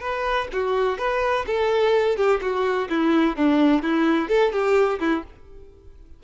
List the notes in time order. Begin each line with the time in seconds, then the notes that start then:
0.00 B4
0.52 F#4
0.98 B4
1.46 A4
2.16 G4
2.41 F#4
2.89 E4
3.36 D4
3.82 E4
4.28 A4
4.52 G4
4.99 E4